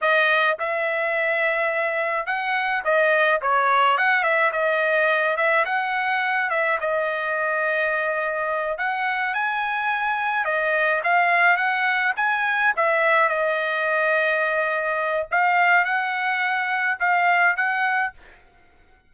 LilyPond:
\new Staff \with { instrumentName = "trumpet" } { \time 4/4 \tempo 4 = 106 dis''4 e''2. | fis''4 dis''4 cis''4 fis''8 e''8 | dis''4. e''8 fis''4. e''8 | dis''2.~ dis''8 fis''8~ |
fis''8 gis''2 dis''4 f''8~ | f''8 fis''4 gis''4 e''4 dis''8~ | dis''2. f''4 | fis''2 f''4 fis''4 | }